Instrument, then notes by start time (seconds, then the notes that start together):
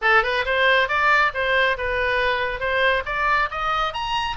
oboe
0.01 A4
0.23 B4
0.45 C5
0.88 D5
1.34 C5
1.77 B4
2.59 C5
3.05 D5
3.50 D#5
3.93 A#5